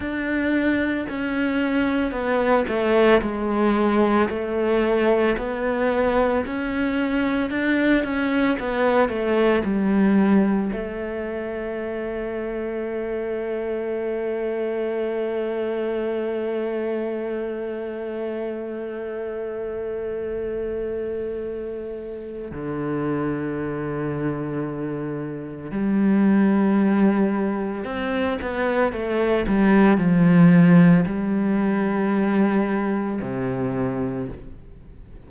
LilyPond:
\new Staff \with { instrumentName = "cello" } { \time 4/4 \tempo 4 = 56 d'4 cis'4 b8 a8 gis4 | a4 b4 cis'4 d'8 cis'8 | b8 a8 g4 a2~ | a1~ |
a1~ | a4 d2. | g2 c'8 b8 a8 g8 | f4 g2 c4 | }